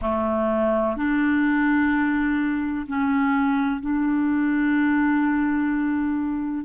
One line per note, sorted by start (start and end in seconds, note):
0.01 0.96 A3
0.96 2.86 D4
2.88 3.81 C#4
3.81 6.65 D4